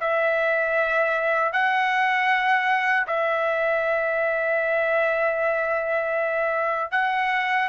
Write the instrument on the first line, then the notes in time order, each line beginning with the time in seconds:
trumpet
0.00 E5
1.52 F#5
3.07 E5
6.91 F#5